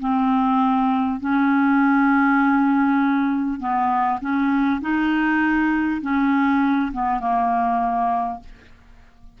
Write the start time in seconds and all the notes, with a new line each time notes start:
0.00 C4
1.19 C#4
3.59 B3
4.20 C#4
4.81 D#4
6.01 C#4
6.92 B3
7.20 A#3